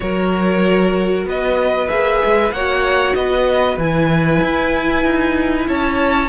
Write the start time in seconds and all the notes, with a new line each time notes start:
0.00 F#3 F#4 A#4 C#5
1.24 B3 B4 D#5
1.88 A#3 G#4 E5
2.24 G#3
2.51 A#3 F#4 C#5 F#5
3.14 B3 B4 D#5
3.77 E3 E4 G#5
4.41 E4
5.04 D#4
5.67 C#4 C#5 A5